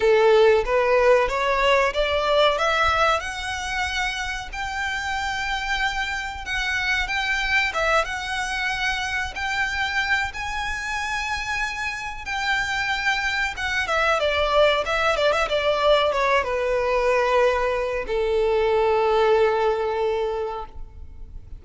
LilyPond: \new Staff \with { instrumentName = "violin" } { \time 4/4 \tempo 4 = 93 a'4 b'4 cis''4 d''4 | e''4 fis''2 g''4~ | g''2 fis''4 g''4 | e''8 fis''2 g''4. |
gis''2. g''4~ | g''4 fis''8 e''8 d''4 e''8 d''16 e''16 | d''4 cis''8 b'2~ b'8 | a'1 | }